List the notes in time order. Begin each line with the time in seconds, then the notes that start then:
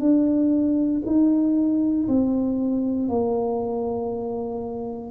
0.00 D4
1.06 D#4
2.08 C4
3.09 A#3